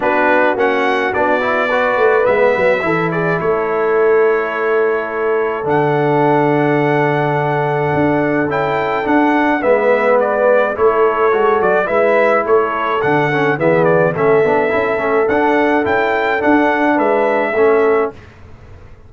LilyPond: <<
  \new Staff \with { instrumentName = "trumpet" } { \time 4/4 \tempo 4 = 106 b'4 fis''4 d''2 | e''4. d''8 cis''2~ | cis''2 fis''2~ | fis''2. g''4 |
fis''4 e''4 d''4 cis''4~ | cis''8 d''8 e''4 cis''4 fis''4 | e''8 d''8 e''2 fis''4 | g''4 fis''4 e''2 | }
  \new Staff \with { instrumentName = "horn" } { \time 4/4 fis'2. b'4~ | b'4 a'8 gis'8 a'2~ | a'1~ | a'1~ |
a'4 b'2 a'4~ | a'4 b'4 a'2 | gis'4 a'2.~ | a'2 b'4 a'4 | }
  \new Staff \with { instrumentName = "trombone" } { \time 4/4 d'4 cis'4 d'8 e'8 fis'4 | b4 e'2.~ | e'2 d'2~ | d'2. e'4 |
d'4 b2 e'4 | fis'4 e'2 d'8 cis'8 | b4 cis'8 d'8 e'8 cis'8 d'4 | e'4 d'2 cis'4 | }
  \new Staff \with { instrumentName = "tuba" } { \time 4/4 b4 ais4 b4. a8 | gis8 fis8 e4 a2~ | a2 d2~ | d2 d'4 cis'4 |
d'4 gis2 a4 | gis8 fis8 gis4 a4 d4 | e4 a8 b8 cis'8 a8 d'4 | cis'4 d'4 gis4 a4 | }
>>